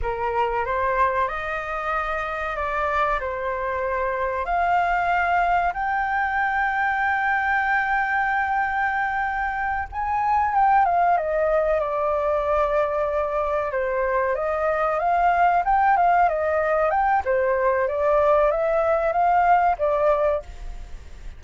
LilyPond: \new Staff \with { instrumentName = "flute" } { \time 4/4 \tempo 4 = 94 ais'4 c''4 dis''2 | d''4 c''2 f''4~ | f''4 g''2.~ | g''2.~ g''8 gis''8~ |
gis''8 g''8 f''8 dis''4 d''4.~ | d''4. c''4 dis''4 f''8~ | f''8 g''8 f''8 dis''4 g''8 c''4 | d''4 e''4 f''4 d''4 | }